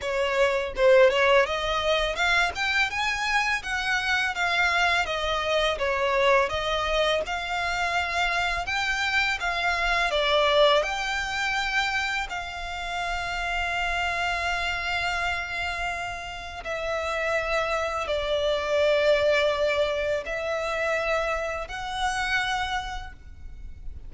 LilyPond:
\new Staff \with { instrumentName = "violin" } { \time 4/4 \tempo 4 = 83 cis''4 c''8 cis''8 dis''4 f''8 g''8 | gis''4 fis''4 f''4 dis''4 | cis''4 dis''4 f''2 | g''4 f''4 d''4 g''4~ |
g''4 f''2.~ | f''2. e''4~ | e''4 d''2. | e''2 fis''2 | }